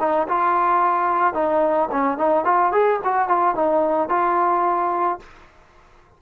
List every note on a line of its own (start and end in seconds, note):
0.00 0.28 D#4
0.29 1.34 F4
1.34 1.89 D#4
1.92 2.18 C#4
2.18 2.45 D#4
2.45 2.72 F4
2.72 3.00 G#4
3.05 3.29 F#4
3.29 3.55 F4
3.55 4.10 D#4
4.10 5.20 F4